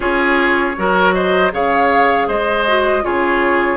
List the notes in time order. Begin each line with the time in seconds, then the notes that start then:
0.00 C#4 F4 G#4 C#5
0.76 F#3 F#4 A#4
1.13 C5 D#5
1.51 C#3 G#4 C#5 F5
2.27 G#3 C5 D#5
2.67 F#4
3.02 C#3 F4 G#4 C#5